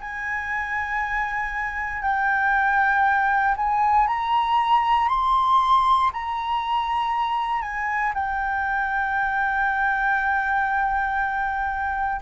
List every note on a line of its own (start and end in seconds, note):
0.00 2.02 G#5
2.02 3.55 G5
3.56 4.07 G#5
4.07 5.08 A#5
5.08 6.10 C6
6.13 7.62 A#5
7.62 8.13 G#5
8.14 12.21 G5